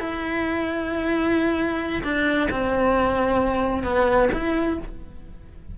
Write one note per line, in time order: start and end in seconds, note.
0.00 2.03 E4
2.04 2.49 D4
2.51 3.84 C4
3.84 4.29 B3
4.33 4.79 E4